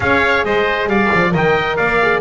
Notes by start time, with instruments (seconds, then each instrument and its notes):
0.00 double bass C#4, horn G#4, oboe C#5, trumpet F5
0.44 double bass G#3, oboe C5, trumpet D#5
0.86 double bass G3, oboe D5, trumpet F5
1.13 double bass F3
1.31 double bass D#3, horn A#4, oboe D#5, trumpet G5
1.76 double bass A#3, oboe D5, trumpet F5
2.01 horn G#4